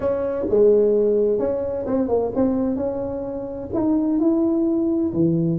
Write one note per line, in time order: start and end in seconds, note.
0.00 0.45 C#4
0.49 1.38 G#3
1.38 1.85 C#4
1.86 2.08 C4
2.08 2.31 A#3
2.35 2.76 C4
2.76 3.69 C#4
3.73 4.19 D#4
4.19 5.12 E4
5.13 5.59 E3